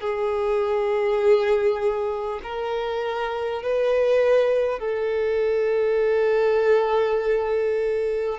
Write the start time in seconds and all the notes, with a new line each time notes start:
0.00 G#4
2.43 A#4
3.62 B4
4.79 A4